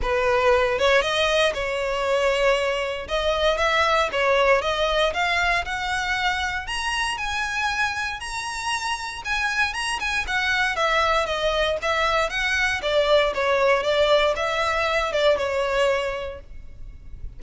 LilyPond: \new Staff \with { instrumentName = "violin" } { \time 4/4 \tempo 4 = 117 b'4. cis''8 dis''4 cis''4~ | cis''2 dis''4 e''4 | cis''4 dis''4 f''4 fis''4~ | fis''4 ais''4 gis''2 |
ais''2 gis''4 ais''8 gis''8 | fis''4 e''4 dis''4 e''4 | fis''4 d''4 cis''4 d''4 | e''4. d''8 cis''2 | }